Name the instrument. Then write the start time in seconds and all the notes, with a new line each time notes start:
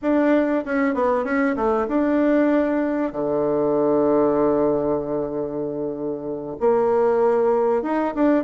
bassoon
0.02 D4
0.65 C#4
0.94 B3
1.24 C#4
1.56 A3
1.88 D4
3.12 D3
6.60 A#3
7.82 D#4
8.14 D4